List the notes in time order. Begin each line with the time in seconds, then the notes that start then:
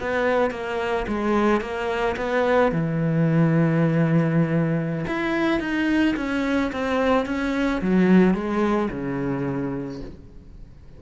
0.00 B3
0.50 A#3
1.07 G#3
1.61 A#3
2.16 B3
2.71 E3
5.07 E4
5.60 D#4
6.16 C#4
6.72 C4
7.26 C#4
7.81 F#3
8.34 G#3
8.90 C#3